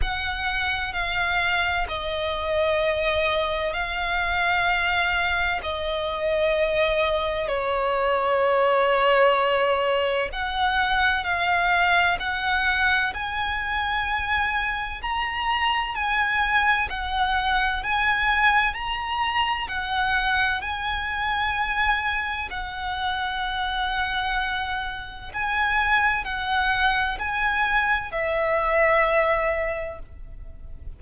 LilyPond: \new Staff \with { instrumentName = "violin" } { \time 4/4 \tempo 4 = 64 fis''4 f''4 dis''2 | f''2 dis''2 | cis''2. fis''4 | f''4 fis''4 gis''2 |
ais''4 gis''4 fis''4 gis''4 | ais''4 fis''4 gis''2 | fis''2. gis''4 | fis''4 gis''4 e''2 | }